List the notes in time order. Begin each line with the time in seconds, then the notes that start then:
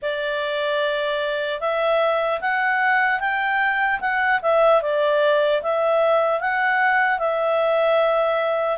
0.01 D5
1.60 E5
2.40 F#5
3.20 G5
4.00 F#5
4.42 E5
4.82 D5
5.62 E5
6.40 F#5
7.18 E5